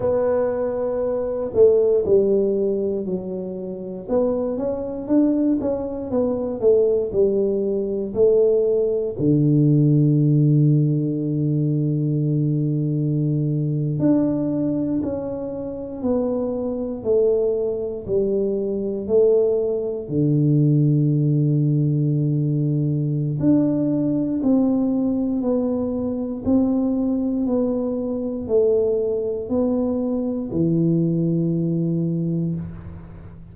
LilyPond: \new Staff \with { instrumentName = "tuba" } { \time 4/4 \tempo 4 = 59 b4. a8 g4 fis4 | b8 cis'8 d'8 cis'8 b8 a8 g4 | a4 d2.~ | d4.~ d16 d'4 cis'4 b16~ |
b8. a4 g4 a4 d16~ | d2. d'4 | c'4 b4 c'4 b4 | a4 b4 e2 | }